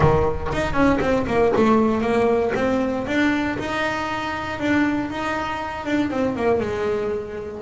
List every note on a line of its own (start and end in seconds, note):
0.00 0.50 D#3
0.52 0.73 D#4
0.73 0.98 C#4
1.00 1.26 C4
1.26 1.52 A#3
1.56 2.01 A3
2.01 2.52 A#3
2.55 3.06 C4
3.06 3.57 D4
3.58 4.59 D#4
4.59 5.10 D4
5.10 5.86 D#4
5.86 6.10 D4
6.10 6.36 C4
6.36 6.60 A#3
6.60 7.61 G#3